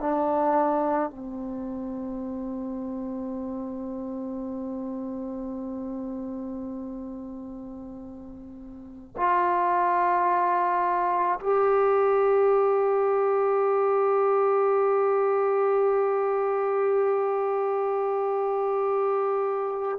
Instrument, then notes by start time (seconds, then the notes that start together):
trombone
0.00 D4
1.10 C4
9.17 F4
11.40 G4